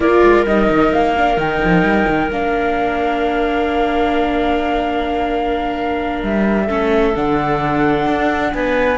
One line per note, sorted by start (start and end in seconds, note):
0.00 0.21 A#3
0.00 0.45 F4
0.00 6.66 A#4
0.00 0.45 D5
0.23 0.45 G#3
0.45 0.68 G3
0.45 1.16 D#4
0.45 0.92 D#5
0.70 0.93 D#3
0.93 1.36 A#3
0.93 1.39 F5
1.16 1.36 D4
1.36 1.59 D#3
1.36 2.29 D#4
1.36 2.31 G5
1.63 1.82 F3
1.82 2.05 G3
2.08 2.30 D#3
2.30 6.22 A#3
2.30 6.68 D4
2.30 6.23 F5
6.22 6.68 G3
6.22 7.15 E5
6.66 7.15 A3
6.66 7.14 C#4
6.66 8.50 A4
7.15 8.07 D3
7.15 8.97 D4
7.15 8.52 F#5
8.07 8.53 D4
8.52 8.97 B3
8.52 8.97 B4
8.52 8.97 G#5